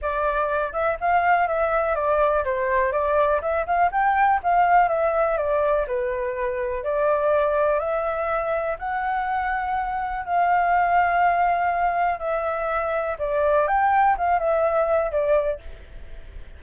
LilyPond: \new Staff \with { instrumentName = "flute" } { \time 4/4 \tempo 4 = 123 d''4. e''8 f''4 e''4 | d''4 c''4 d''4 e''8 f''8 | g''4 f''4 e''4 d''4 | b'2 d''2 |
e''2 fis''2~ | fis''4 f''2.~ | f''4 e''2 d''4 | g''4 f''8 e''4. d''4 | }